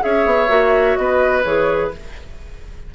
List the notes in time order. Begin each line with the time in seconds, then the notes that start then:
0.00 C#4 G#4 C#5 E5
0.25 B3
0.48 A#3 F#4
0.96 B3 B4 D#5
1.44 E3 G#4 C#5